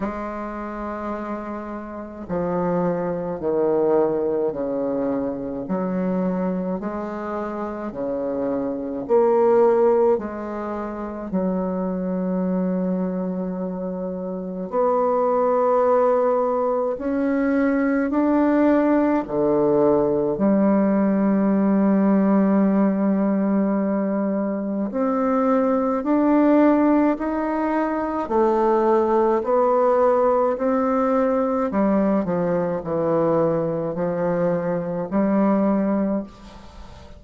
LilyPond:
\new Staff \with { instrumentName = "bassoon" } { \time 4/4 \tempo 4 = 53 gis2 f4 dis4 | cis4 fis4 gis4 cis4 | ais4 gis4 fis2~ | fis4 b2 cis'4 |
d'4 d4 g2~ | g2 c'4 d'4 | dis'4 a4 b4 c'4 | g8 f8 e4 f4 g4 | }